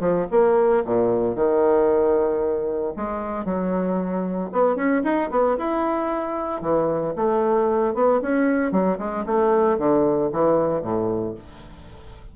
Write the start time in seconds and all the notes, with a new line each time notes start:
0.00 F3
0.31 A#3
0.85 A#2
1.36 D#3
2.97 G#3
3.45 F#3
4.52 B3
4.76 C#4
5.04 D#4
5.31 B3
5.58 E4
6.62 E3
7.16 A3
7.95 B3
8.22 C#4
8.72 F#3
8.99 G#3
9.26 A3
9.78 D3
10.32 E3
10.82 A2